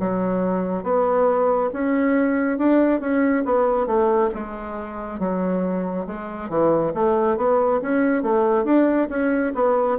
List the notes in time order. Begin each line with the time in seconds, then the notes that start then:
0.00 F#3
0.83 B3
1.73 C#4
2.58 D4
3.00 C#4
3.45 B3
3.87 A3
4.34 G#3
5.19 F#3
6.07 G#3
6.49 E3
6.94 A3
7.37 B3
7.82 C#4
8.23 A3
8.65 D4
9.09 C#4
9.55 B3